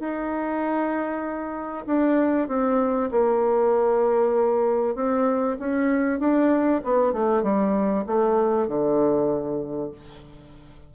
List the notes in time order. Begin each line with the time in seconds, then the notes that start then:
0.00 D#4
1.87 D4
2.48 C4
3.12 A#3
4.95 C4
5.59 C#4
6.20 D4
6.84 B3
7.13 A3
7.43 G3
8.06 A3
8.68 D3